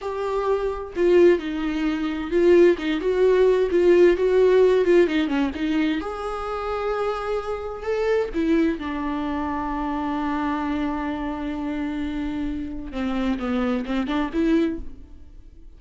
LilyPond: \new Staff \with { instrumentName = "viola" } { \time 4/4 \tempo 4 = 130 g'2 f'4 dis'4~ | dis'4 f'4 dis'8 fis'4. | f'4 fis'4. f'8 dis'8 cis'8 | dis'4 gis'2.~ |
gis'4 a'4 e'4 d'4~ | d'1~ | d'1 | c'4 b4 c'8 d'8 e'4 | }